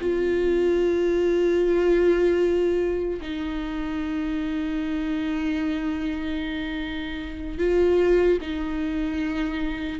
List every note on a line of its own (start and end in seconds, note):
0.00 3.20 F4
3.21 7.58 D#4
7.58 8.38 F4
8.41 9.99 D#4